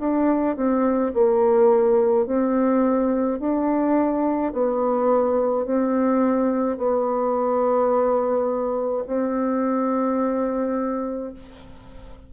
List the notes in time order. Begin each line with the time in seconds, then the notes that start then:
0.00 D4
0.57 C4
1.14 A#3
2.26 C4
3.40 D4
4.53 B3
5.66 C4
6.78 B3
9.07 C4